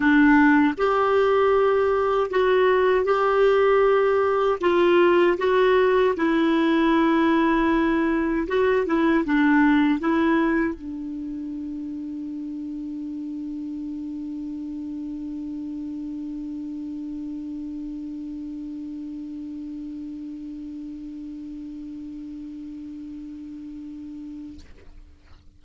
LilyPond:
\new Staff \with { instrumentName = "clarinet" } { \time 4/4 \tempo 4 = 78 d'4 g'2 fis'4 | g'2 f'4 fis'4 | e'2. fis'8 e'8 | d'4 e'4 d'2~ |
d'1~ | d'1~ | d'1~ | d'1 | }